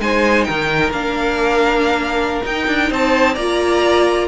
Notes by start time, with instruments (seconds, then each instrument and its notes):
0.00 cello G#3, viola D#4, violin C5 G#5
0.44 cello D#3, violin A#4 G5
0.91 cello A#3, viola D4, violin F5
2.44 viola D#4, cello D#4, violin G5
2.67 cello D4
2.90 cello C4, violin C5 A5
3.34 cello A#3, viola F4, violin D5 A#5